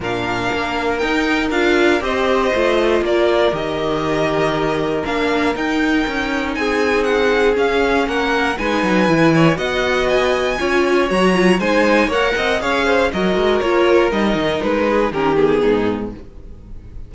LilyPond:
<<
  \new Staff \with { instrumentName = "violin" } { \time 4/4 \tempo 4 = 119 f''2 g''4 f''4 | dis''2 d''4 dis''4~ | dis''2 f''4 g''4~ | g''4 gis''4 fis''4 f''4 |
fis''4 gis''2 fis''4 | gis''2 ais''4 gis''4 | fis''4 f''4 dis''4 cis''4 | dis''4 b'4 ais'8 gis'4. | }
  \new Staff \with { instrumentName = "violin" } { \time 4/4 ais'1 | c''2 ais'2~ | ais'1~ | ais'4 gis'2. |
ais'4 b'4. cis''8 dis''4~ | dis''4 cis''2 c''4 | cis''8 dis''8 cis''8 c''8 ais'2~ | ais'4. gis'8 g'4 dis'4 | }
  \new Staff \with { instrumentName = "viola" } { \time 4/4 d'2 dis'4 f'4 | g'4 f'2 g'4~ | g'2 d'4 dis'4~ | dis'2. cis'4~ |
cis'4 dis'4 e'4 fis'4~ | fis'4 f'4 fis'8 f'8 dis'4 | ais'4 gis'4 fis'4 f'4 | dis'2 cis'8 b4. | }
  \new Staff \with { instrumentName = "cello" } { \time 4/4 ais,4 ais4 dis'4 d'4 | c'4 a4 ais4 dis4~ | dis2 ais4 dis'4 | cis'4 c'2 cis'4 |
ais4 gis8 fis8 e4 b4~ | b4 cis'4 fis4 gis4 | ais8 c'8 cis'4 fis8 gis8 ais4 | g8 dis8 gis4 dis4 gis,4 | }
>>